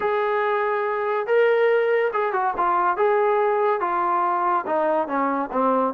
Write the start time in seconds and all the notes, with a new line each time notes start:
0.00 G#4
1.26 A#4
2.13 G#4
2.32 F#4
2.57 F4
2.96 G#4
3.80 F4
4.66 D#4
5.07 C#4
5.52 C4